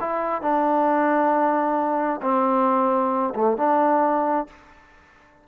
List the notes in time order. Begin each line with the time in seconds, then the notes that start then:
0.00 E4
0.42 D4
2.22 C4
3.35 A3
3.57 D4